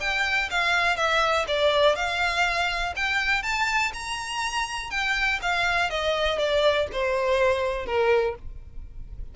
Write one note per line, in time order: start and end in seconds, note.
0.00 0.49 G5
0.50 0.96 F5
0.96 1.45 E5
1.47 1.95 D5
1.95 2.94 F5
2.96 3.42 G5
3.42 3.92 A5
3.93 4.90 A#5
4.90 5.39 G5
5.42 5.90 F5
5.90 6.38 D#5
6.38 6.87 D5
6.92 7.86 C5
7.86 8.35 A#4